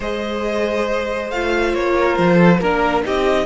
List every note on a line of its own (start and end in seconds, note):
0.00 1.31 G#3
0.00 1.32 G#4
0.00 1.93 C5
0.00 1.30 D#5
1.30 1.74 A3
1.30 2.62 F4
1.30 1.74 F5
1.74 2.18 A#3
1.74 2.16 C#5
1.97 2.35 A#4
2.16 2.60 F3
2.16 2.59 C5
2.35 2.57 A4
2.59 3.04 A#3
2.59 3.03 D4
2.59 3.02 A#4
2.59 3.04 A#4
3.03 3.45 C4
3.03 3.45 D#4
3.03 3.45 G4
3.03 3.45 D#5